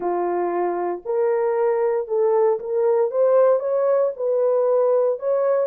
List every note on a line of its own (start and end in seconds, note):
0.00 1.01 F4
1.05 2.07 A#4
2.07 2.59 A4
2.59 3.10 A#4
3.10 3.59 C5
3.59 4.11 C#5
4.16 5.19 B4
5.19 5.67 C#5